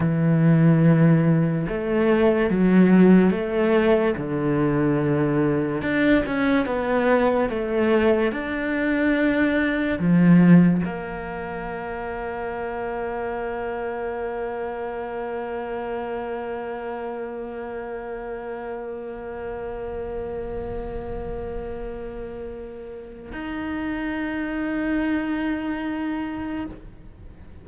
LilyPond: \new Staff \with { instrumentName = "cello" } { \time 4/4 \tempo 4 = 72 e2 a4 fis4 | a4 d2 d'8 cis'8 | b4 a4 d'2 | f4 ais2.~ |
ais1~ | ais1~ | ais1 | dis'1 | }